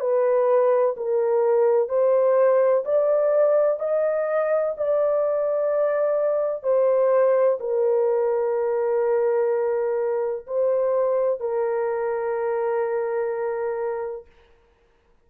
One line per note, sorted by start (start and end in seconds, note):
0.00 0.95 B4
0.97 1.89 A#4
1.89 2.84 C5
2.85 3.80 D5
3.80 4.75 D#5
4.77 6.63 D5
6.63 7.58 C5
7.60 10.46 A#4
10.47 11.40 C5
11.40 14.26 A#4